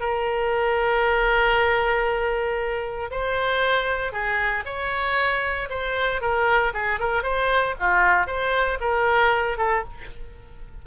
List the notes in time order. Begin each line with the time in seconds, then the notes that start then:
0.00 A#4
3.11 C5
4.12 G#4
4.66 C#5
5.70 C5
6.21 A#4
6.74 G#4
6.99 A#4
7.23 C5
7.80 F4
8.27 C5
8.81 A#4
9.58 A4